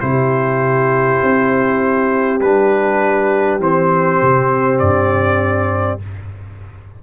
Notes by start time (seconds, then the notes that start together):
0.00 C3 E4 G4 C5
1.23 C4
2.40 G3 D4 B4
3.59 E3 C4 C5
4.22 C3
4.79 G2 D5